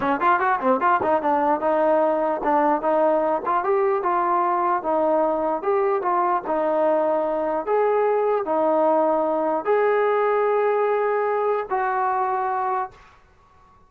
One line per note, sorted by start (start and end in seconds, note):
0.00 0.20 C#4
0.20 0.39 F4
0.39 0.59 F#4
0.60 0.80 C4
0.80 1.00 F4
1.03 1.22 D#4
1.22 1.60 D4
1.60 2.41 D#4
2.43 2.81 D4
2.81 3.42 D#4
3.45 3.64 F4
3.64 4.02 G4
4.02 4.82 F4
4.82 5.62 D#4
5.62 6.02 G4
6.02 6.42 F4
6.46 7.65 D#4
7.65 8.45 G#4
8.45 9.64 D#4
9.64 11.66 G#4
11.70 12.90 F#4